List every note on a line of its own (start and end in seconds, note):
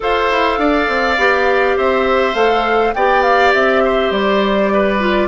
0.00 0.31 F4
0.00 1.17 A4
0.00 0.59 C5
0.00 1.78 F5
0.31 0.58 E4
0.58 0.87 D4
0.58 1.76 D5
0.88 1.17 C4
1.17 1.76 B3
1.17 2.35 G4
1.76 2.34 C4
1.76 2.94 C5
1.76 2.35 E5
2.34 2.93 A3
2.34 2.93 A4
2.34 2.93 F5
2.94 3.53 B3
2.94 5.00 G4
2.94 3.83 D5
2.94 3.23 G5
3.23 3.52 F5
3.53 4.10 C4
3.53 4.11 E5
3.84 4.73 C5
4.10 5.28 G3
4.10 5.28 D5
4.73 5.28 B4
5.00 5.28 F4